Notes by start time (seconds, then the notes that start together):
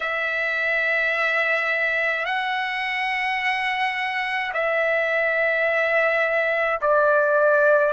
0.00 E5
2.25 F#5
4.53 E5
6.81 D5